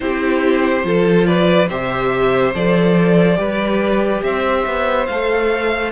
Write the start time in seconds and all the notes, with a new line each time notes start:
0.00 C4 E4 G4 C5
0.83 F3 F4 A4
1.26 B4 D5
1.68 C3 G4 C5 E5
2.54 F3 A4 D5
3.35 G3 G4 B4
4.22 C4 C5 E5
4.65 B3
5.06 A3 A4 F5